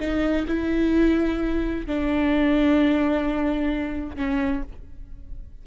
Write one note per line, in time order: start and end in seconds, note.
0.00 0.47 D#4
0.48 1.87 E4
1.87 4.16 D4
4.16 4.63 C#4